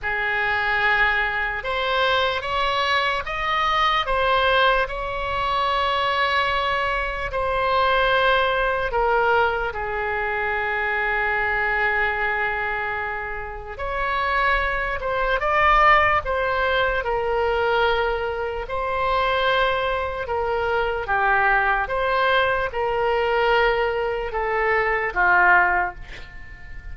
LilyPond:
\new Staff \with { instrumentName = "oboe" } { \time 4/4 \tempo 4 = 74 gis'2 c''4 cis''4 | dis''4 c''4 cis''2~ | cis''4 c''2 ais'4 | gis'1~ |
gis'4 cis''4. c''8 d''4 | c''4 ais'2 c''4~ | c''4 ais'4 g'4 c''4 | ais'2 a'4 f'4 | }